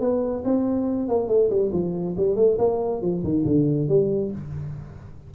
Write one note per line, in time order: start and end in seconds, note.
0.00 0.43 B3
0.44 1.09 C4
1.09 1.28 A#3
1.28 1.50 A3
1.50 1.71 G3
1.72 2.16 F3
2.17 2.36 G3
2.36 2.58 A3
2.58 3.02 A#3
3.02 3.23 F3
3.23 3.45 D#3
3.45 3.88 D3
3.88 4.31 G3